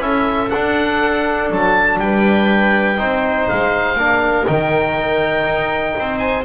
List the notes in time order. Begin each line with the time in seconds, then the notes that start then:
0.00 C#4 E4 A4 E5
0.50 D4 F#5
1.50 F#3 A5
2.00 G3 B4 G5
2.97 C4 D#4 C5
3.48 G#3 F5
3.95 A#3 D4 A#4
4.45 D#3 D#4 G5
5.45 D#4
5.99 C4 C5
6.18 G#5